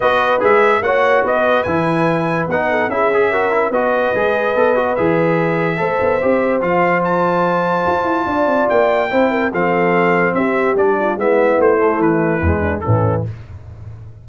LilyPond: <<
  \new Staff \with { instrumentName = "trumpet" } { \time 4/4 \tempo 4 = 145 dis''4 e''4 fis''4 dis''4 | gis''2 fis''4 e''4~ | e''4 dis''2. | e''1 |
f''4 a''2.~ | a''4 g''2 f''4~ | f''4 e''4 d''4 e''4 | c''4 b'2 a'4 | }
  \new Staff \with { instrumentName = "horn" } { \time 4/4 b'2 cis''4 b'4~ | b'2~ b'8 a'8 gis'4 | ais'4 b'2.~ | b'2 c''2~ |
c''1 | d''2 c''8 ais'8 a'4~ | a'4 g'4. f'8 e'4~ | e'2~ e'8 d'8 cis'4 | }
  \new Staff \with { instrumentName = "trombone" } { \time 4/4 fis'4 gis'4 fis'2 | e'2 dis'4 e'8 gis'8 | fis'8 e'8 fis'4 gis'4 a'8 fis'8 | gis'2 a'4 g'4 |
f'1~ | f'2 e'4 c'4~ | c'2 d'4 b4~ | b8 a4. gis4 e4 | }
  \new Staff \with { instrumentName = "tuba" } { \time 4/4 b4 gis4 ais4 b4 | e2 b4 cis'4~ | cis'4 b4 gis4 b4 | e2 a8 b8 c'4 |
f2. f'8 e'8 | d'8 c'8 ais4 c'4 f4~ | f4 c'4 g4 gis4 | a4 e4 e,4 a,4 | }
>>